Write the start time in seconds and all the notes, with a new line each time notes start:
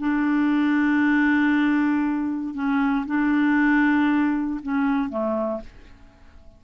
0.00 D4
2.55 C#4
3.07 D4
4.63 C#4
5.10 A3